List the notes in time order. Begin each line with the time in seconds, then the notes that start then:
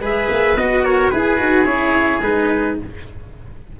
0.00 G#3 G#4 B4 E5
0.29 A#3
0.56 B3 F#4 D#5
0.83 A#4 C#5
1.10 E4 G#4 B4
1.37 D#4 F#4
1.64 C#4 E4 C#5
2.21 G#3 D#4 B4